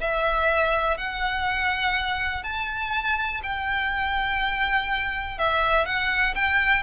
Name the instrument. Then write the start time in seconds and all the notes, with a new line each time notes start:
violin
0.00 E5
0.97 F#5
2.43 A5
3.43 G5
5.38 E5
5.86 F#5
6.35 G5